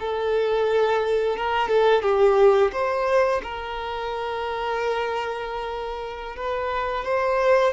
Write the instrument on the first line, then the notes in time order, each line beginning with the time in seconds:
violin
0.00 A4
1.37 A#4
1.68 A4
2.03 G4
2.72 C5
3.43 A#4
6.36 B4
7.05 C5